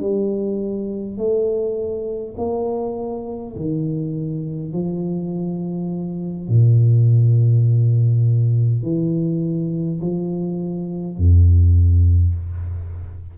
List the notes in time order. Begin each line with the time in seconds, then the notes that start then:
0.00 G3
1.18 A3
2.38 A#3
3.56 D#3
4.73 F3
6.49 A#2
8.83 E3
10.01 F3
11.17 F2